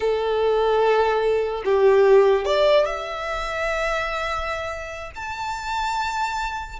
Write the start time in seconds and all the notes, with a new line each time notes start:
0.00 A4
1.64 G4
2.45 D5
2.85 E5
5.15 A5